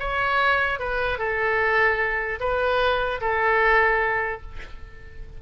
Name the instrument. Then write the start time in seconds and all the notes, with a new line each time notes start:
oboe
0.00 C#5
0.80 B4
1.19 A4
2.40 B4
3.21 A4